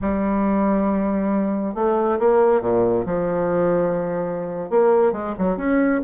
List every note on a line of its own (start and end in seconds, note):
0.01 1.74 G3
1.74 2.18 A3
2.19 2.61 A#3
2.61 3.05 A#2
3.05 4.70 F3
4.70 5.12 A#3
5.12 5.34 G#3
5.38 5.57 F#3
5.57 6.01 C#4